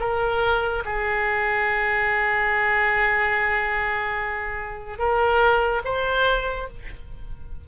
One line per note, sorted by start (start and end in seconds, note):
0.00 0.83 A#4
0.85 4.99 G#4
4.99 5.82 A#4
5.85 6.68 C5